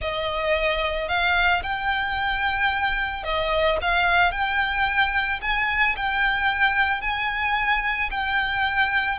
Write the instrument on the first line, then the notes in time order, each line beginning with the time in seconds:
violin
0.01 D#5
1.08 F5
1.62 G5
3.23 D#5
3.81 F5
4.31 G5
5.41 G#5
5.96 G5
7.01 G#5
8.11 G5